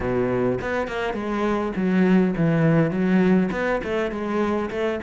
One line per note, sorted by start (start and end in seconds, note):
0.00 0.58 B2
0.61 0.87 B3
0.87 1.13 A#3
1.13 1.72 G#3
1.76 2.34 F#3
2.36 2.90 E3
2.90 3.49 F#3
3.51 3.81 B3
3.83 4.11 A3
4.11 4.70 G#3
4.70 4.99 A3